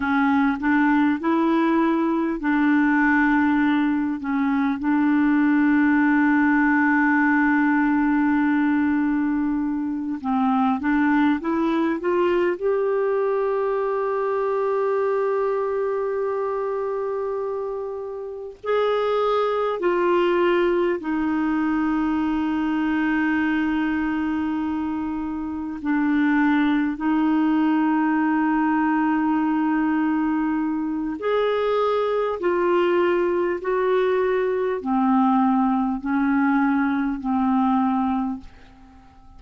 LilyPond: \new Staff \with { instrumentName = "clarinet" } { \time 4/4 \tempo 4 = 50 cis'8 d'8 e'4 d'4. cis'8 | d'1~ | d'8 c'8 d'8 e'8 f'8 g'4.~ | g'2.~ g'8 gis'8~ |
gis'8 f'4 dis'2~ dis'8~ | dis'4. d'4 dis'4.~ | dis'2 gis'4 f'4 | fis'4 c'4 cis'4 c'4 | }